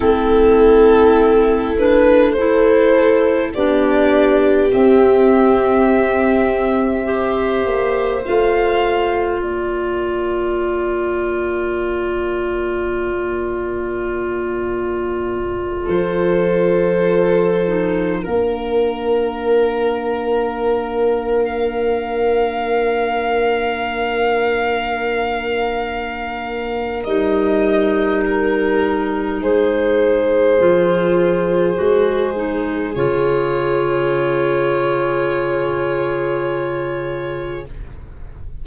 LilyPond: <<
  \new Staff \with { instrumentName = "violin" } { \time 4/4 \tempo 4 = 51 a'4. b'8 c''4 d''4 | e''2. f''4 | d''1~ | d''4. c''2 ais'8~ |
ais'2~ ais'16 f''4.~ f''16~ | f''2. dis''4 | ais'4 c''2. | cis''1 | }
  \new Staff \with { instrumentName = "viola" } { \time 4/4 e'2 a'4 g'4~ | g'2 c''2 | ais'1~ | ais'4. a'2 ais'8~ |
ais'1~ | ais'1~ | ais'4 gis'2.~ | gis'1 | }
  \new Staff \with { instrumentName = "clarinet" } { \time 4/4 c'4. d'8 e'4 d'4 | c'2 g'4 f'4~ | f'1~ | f'2. dis'8 d'8~ |
d'1~ | d'2. dis'4~ | dis'2 f'4 fis'8 dis'8 | f'1 | }
  \new Staff \with { instrumentName = "tuba" } { \time 4/4 a2. b4 | c'2~ c'8 ais8 a4 | ais1~ | ais4. f2 ais8~ |
ais1~ | ais2. g4~ | g4 gis4 f4 gis4 | cis1 | }
>>